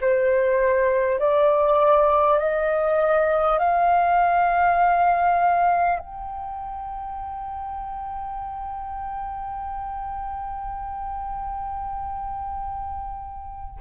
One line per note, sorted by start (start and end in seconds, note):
0.00 1.19 C5
1.19 2.38 D5
2.38 3.58 D#5
3.58 5.98 F5
5.98 13.78 G5